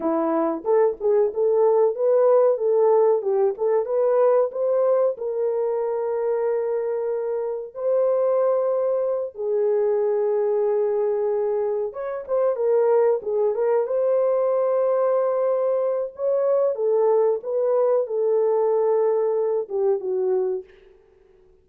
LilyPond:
\new Staff \with { instrumentName = "horn" } { \time 4/4 \tempo 4 = 93 e'4 a'8 gis'8 a'4 b'4 | a'4 g'8 a'8 b'4 c''4 | ais'1 | c''2~ c''8 gis'4.~ |
gis'2~ gis'8 cis''8 c''8 ais'8~ | ais'8 gis'8 ais'8 c''2~ c''8~ | c''4 cis''4 a'4 b'4 | a'2~ a'8 g'8 fis'4 | }